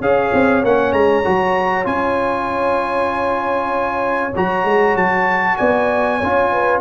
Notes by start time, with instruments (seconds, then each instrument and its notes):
0.00 tuba C#4, trombone G#4, horn C#5, trumpet F5
0.33 tuba C4
0.63 tuba A#3, trombone C#4, trumpet F#5
0.93 tuba G#3, trumpet A#5
1.24 tuba F#3, trombone F#4
1.84 tuba C#4, trombone F4, trumpet G#5
4.36 tuba F#3, trombone F#4, trumpet A#5
4.64 tuba G#3
4.95 tuba F#3, trumpet A5
5.57 tuba B3, horn D5, trumpet G#5
6.18 tuba C#4, trombone F4, horn C#5
6.52 horn B4